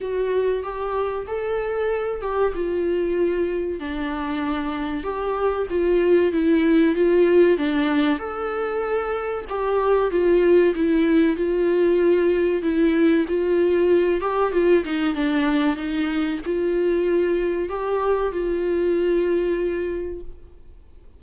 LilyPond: \new Staff \with { instrumentName = "viola" } { \time 4/4 \tempo 4 = 95 fis'4 g'4 a'4. g'8 | f'2 d'2 | g'4 f'4 e'4 f'4 | d'4 a'2 g'4 |
f'4 e'4 f'2 | e'4 f'4. g'8 f'8 dis'8 | d'4 dis'4 f'2 | g'4 f'2. | }